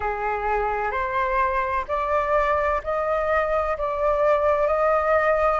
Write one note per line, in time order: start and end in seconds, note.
0.00 0.91 G#4
0.91 1.85 C5
1.87 2.81 D5
2.83 3.77 D#5
3.77 4.67 D5
4.67 5.60 D#5